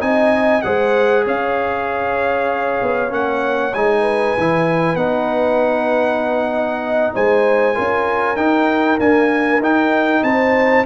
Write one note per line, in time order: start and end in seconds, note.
0.00 0.63 C4
0.00 0.62 D#4
0.00 0.66 D#5
0.00 0.62 G#5
0.62 1.26 G#3
0.62 3.10 G#4
0.62 1.25 C5
0.62 1.24 F#5
1.25 2.81 C#4
1.25 4.01 C#5
1.25 3.13 F5
2.82 3.11 B3
3.10 3.73 A#3
3.10 3.72 C#4
3.10 3.74 F#5
3.74 4.36 G#3
3.74 4.38 D#4
3.74 4.96 G#5
4.01 6.49 B4
4.37 4.95 E3
4.37 4.97 E4
4.95 7.12 B3
4.95 7.75 D#4
4.95 7.13 F#5
6.54 7.15 D#5
7.15 7.77 G#3
7.15 7.75 C5
7.15 8.36 G#5
7.75 8.36 C#4
7.75 8.36 F4
7.75 10.22 A#4
8.36 8.98 D#4
8.36 8.99 D#4
8.36 8.98 G5
9.00 9.62 A#3
9.00 9.60 D4
9.00 9.62 G#5
9.60 10.21 D#4
9.60 10.86 D#4
9.60 10.23 G5
10.23 10.85 C4
10.23 10.86 C5
10.23 10.85 A5